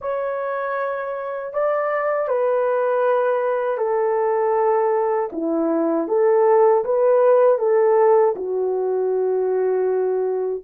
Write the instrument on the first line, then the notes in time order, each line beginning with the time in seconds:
horn
0.01 C#5
1.53 D5
2.28 B4
3.77 A4
5.32 E4
6.08 A4
6.84 B4
7.58 A4
8.35 F#4